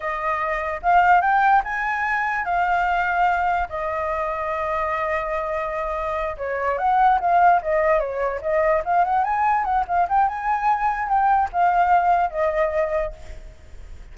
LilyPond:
\new Staff \with { instrumentName = "flute" } { \time 4/4 \tempo 4 = 146 dis''2 f''4 g''4 | gis''2 f''2~ | f''4 dis''2.~ | dis''2.~ dis''8 cis''8~ |
cis''8 fis''4 f''4 dis''4 cis''8~ | cis''8 dis''4 f''8 fis''8 gis''4 fis''8 | f''8 g''8 gis''2 g''4 | f''2 dis''2 | }